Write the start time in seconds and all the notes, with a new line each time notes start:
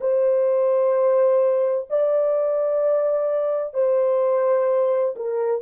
0.00 C5
1.90 D5
3.74 C5
5.16 A#4